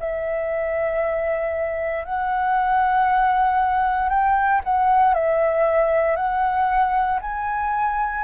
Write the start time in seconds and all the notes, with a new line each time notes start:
0.00 E5
2.05 F#5
4.10 G5
4.65 F#5
5.14 E5
6.16 F#5
7.22 G#5